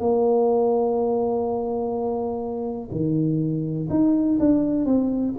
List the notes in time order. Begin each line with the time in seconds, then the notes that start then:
0.00 A#3
2.92 D#3
3.90 D#4
4.39 D4
4.86 C4